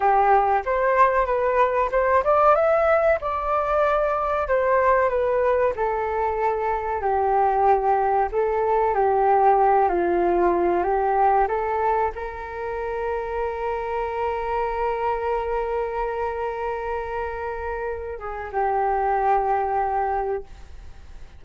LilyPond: \new Staff \with { instrumentName = "flute" } { \time 4/4 \tempo 4 = 94 g'4 c''4 b'4 c''8 d''8 | e''4 d''2 c''4 | b'4 a'2 g'4~ | g'4 a'4 g'4. f'8~ |
f'4 g'4 a'4 ais'4~ | ais'1~ | ais'1~ | ais'8 gis'8 g'2. | }